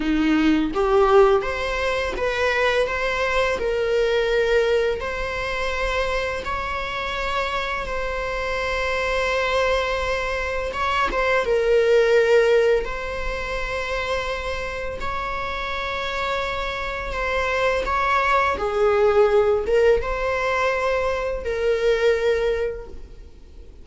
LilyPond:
\new Staff \with { instrumentName = "viola" } { \time 4/4 \tempo 4 = 84 dis'4 g'4 c''4 b'4 | c''4 ais'2 c''4~ | c''4 cis''2 c''4~ | c''2. cis''8 c''8 |
ais'2 c''2~ | c''4 cis''2. | c''4 cis''4 gis'4. ais'8 | c''2 ais'2 | }